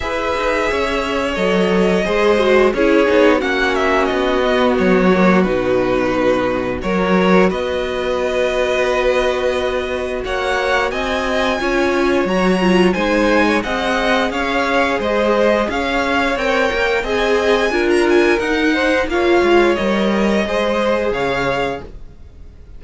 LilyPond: <<
  \new Staff \with { instrumentName = "violin" } { \time 4/4 \tempo 4 = 88 e''2 dis''2 | cis''4 fis''8 e''8 dis''4 cis''4 | b'2 cis''4 dis''4~ | dis''2. fis''4 |
gis''2 ais''4 gis''4 | fis''4 f''4 dis''4 f''4 | g''4 gis''4~ gis''16 ais''16 gis''8 fis''4 | f''4 dis''2 f''4 | }
  \new Staff \with { instrumentName = "violin" } { \time 4/4 b'4 cis''2 c''4 | gis'4 fis'2.~ | fis'2 ais'4 b'4~ | b'2. cis''4 |
dis''4 cis''2 c''8. cis''16 | dis''4 cis''4 c''4 cis''4~ | cis''4 dis''4 ais'4. c''8 | cis''2 c''4 cis''4 | }
  \new Staff \with { instrumentName = "viola" } { \time 4/4 gis'2 a'4 gis'8 fis'8 | e'8 dis'8 cis'4. b4 ais8 | dis'2 fis'2~ | fis'1~ |
fis'4 f'4 fis'8 f'8 dis'4 | gis'1 | ais'4 gis'4 f'4 dis'4 | f'4 ais'4 gis'2 | }
  \new Staff \with { instrumentName = "cello" } { \time 4/4 e'8 dis'8 cis'4 fis4 gis4 | cis'8 b8 ais4 b4 fis4 | b,2 fis4 b4~ | b2. ais4 |
c'4 cis'4 fis4 gis4 | c'4 cis'4 gis4 cis'4 | c'8 ais8 c'4 d'4 dis'4 | ais8 gis8 g4 gis4 cis4 | }
>>